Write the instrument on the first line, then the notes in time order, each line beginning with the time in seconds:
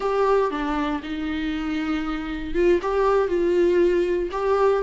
viola
0.00 G4
0.50 D4
1.03 D#4
2.54 F4
2.82 G4
3.28 F4
4.31 G4